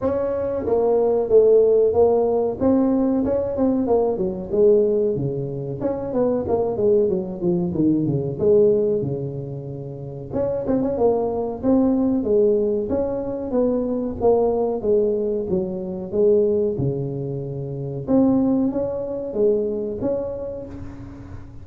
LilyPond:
\new Staff \with { instrumentName = "tuba" } { \time 4/4 \tempo 4 = 93 cis'4 ais4 a4 ais4 | c'4 cis'8 c'8 ais8 fis8 gis4 | cis4 cis'8 b8 ais8 gis8 fis8 f8 | dis8 cis8 gis4 cis2 |
cis'8 c'16 cis'16 ais4 c'4 gis4 | cis'4 b4 ais4 gis4 | fis4 gis4 cis2 | c'4 cis'4 gis4 cis'4 | }